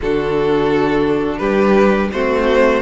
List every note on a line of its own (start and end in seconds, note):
0.01 1.40 D3
0.01 2.14 D4
0.01 1.39 F#4
0.01 1.38 A4
1.38 2.10 G3
1.38 2.09 G4
1.38 2.08 B4
2.12 2.82 A3
2.12 2.82 C4
2.12 2.82 F#4
2.12 2.82 C5